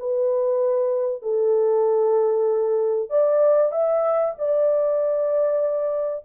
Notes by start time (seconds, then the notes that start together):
0.00 B4
1.23 A4
3.10 D5
3.72 E5
4.39 D5